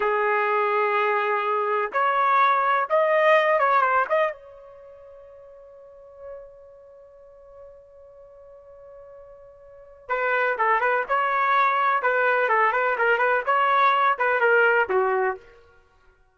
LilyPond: \new Staff \with { instrumentName = "trumpet" } { \time 4/4 \tempo 4 = 125 gis'1 | cis''2 dis''4. cis''8 | c''8 dis''8 cis''2.~ | cis''1~ |
cis''1~ | cis''4 b'4 a'8 b'8 cis''4~ | cis''4 b'4 a'8 b'8 ais'8 b'8 | cis''4. b'8 ais'4 fis'4 | }